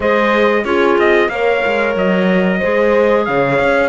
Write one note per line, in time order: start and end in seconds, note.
0.00 0.64 G#3
0.00 0.64 G#4
0.00 0.65 C5
0.00 0.65 D#5
0.64 0.97 C#4
0.64 1.30 F4
0.64 1.30 G#4
0.64 0.97 C#5
0.98 1.28 C4
0.98 1.29 D#5
1.28 1.61 A#3
1.28 2.60 A#4
1.28 2.58 C#5
1.28 1.94 F5
1.65 1.95 G#3
1.95 2.60 F#3
1.95 3.25 D#5
2.58 3.28 G#3
2.58 3.89 G#4
2.58 3.24 C5
3.25 3.59 C#3
3.25 3.89 C#5
3.25 3.89 F5
3.59 3.89 C#4